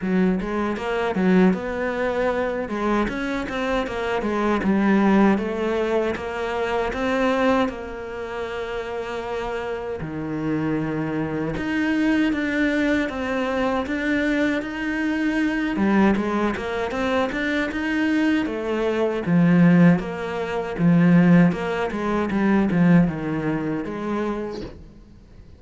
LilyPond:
\new Staff \with { instrumentName = "cello" } { \time 4/4 \tempo 4 = 78 fis8 gis8 ais8 fis8 b4. gis8 | cis'8 c'8 ais8 gis8 g4 a4 | ais4 c'4 ais2~ | ais4 dis2 dis'4 |
d'4 c'4 d'4 dis'4~ | dis'8 g8 gis8 ais8 c'8 d'8 dis'4 | a4 f4 ais4 f4 | ais8 gis8 g8 f8 dis4 gis4 | }